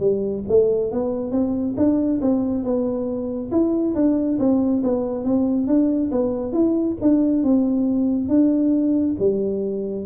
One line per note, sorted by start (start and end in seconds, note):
0.00 0.43 G3
0.49 0.92 A3
0.92 1.32 B3
1.32 1.75 C4
1.77 2.21 D4
2.22 2.64 C4
2.64 3.51 B3
3.51 3.95 E4
3.95 4.39 D4
4.40 4.83 C4
4.84 5.25 B3
5.25 5.68 C4
5.68 6.11 D4
6.12 6.53 B3
6.53 6.96 E4
7.02 7.44 D4
7.44 8.29 C4
8.29 9.16 D4
9.19 10.06 G3